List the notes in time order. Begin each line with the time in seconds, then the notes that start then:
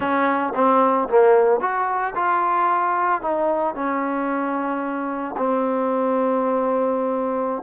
0.00 C#4
0.54 C4
1.08 A#3
1.60 F#4
2.15 F4
3.21 D#4
3.74 C#4
5.37 C4